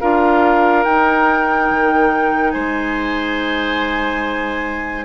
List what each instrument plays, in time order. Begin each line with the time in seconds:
0.00 bassoon D4, clarinet F4, oboe A#4, flute F5
0.84 bassoon D#4, clarinet D#4, flute G5
1.70 bassoon D#3
2.52 bassoon G#3, oboe C5, flute G#5